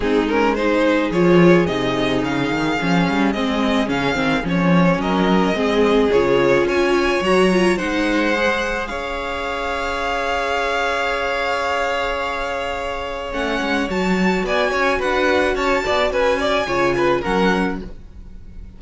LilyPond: <<
  \new Staff \with { instrumentName = "violin" } { \time 4/4 \tempo 4 = 108 gis'8 ais'8 c''4 cis''4 dis''4 | f''2 dis''4 f''4 | cis''4 dis''2 cis''4 | gis''4 ais''4 fis''2 |
f''1~ | f''1 | fis''4 a''4 gis''4 fis''4 | a''4 gis''2 fis''4 | }
  \new Staff \with { instrumentName = "violin" } { \time 4/4 dis'4 gis'2.~ | gis'1~ | gis'4 ais'4 gis'2 | cis''2 c''2 |
cis''1~ | cis''1~ | cis''2 d''8 cis''8 b'4 | cis''8 d''8 b'8 d''8 cis''8 b'8 ais'4 | }
  \new Staff \with { instrumentName = "viola" } { \time 4/4 c'8 cis'8 dis'4 f'4 dis'4~ | dis'4 cis'4 c'4 cis'8 c'8 | cis'2 c'4 f'4~ | f'4 fis'8 f'8 dis'4 gis'4~ |
gis'1~ | gis'1 | cis'4 fis'2.~ | fis'2 f'4 cis'4 | }
  \new Staff \with { instrumentName = "cello" } { \time 4/4 gis2 f4 c4 | cis8 dis8 f8 g8 gis4 cis8 dis8 | f4 fis4 gis4 cis4 | cis'4 fis4 gis2 |
cis'1~ | cis'1 | a8 gis8 fis4 b8 cis'8 d'4 | cis'8 b8 cis'4 cis4 fis4 | }
>>